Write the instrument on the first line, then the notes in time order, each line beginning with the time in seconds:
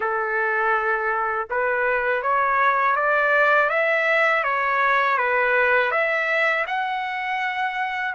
trumpet
0.00 A4
1.50 B4
2.22 C#5
2.96 D5
3.69 E5
4.43 C#5
5.17 B4
5.91 E5
6.66 F#5